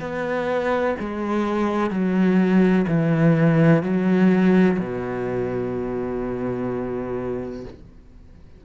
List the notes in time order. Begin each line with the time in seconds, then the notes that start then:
0.00 B3
1.00 G#3
1.90 F#3
2.88 E3
3.83 F#3
4.79 B2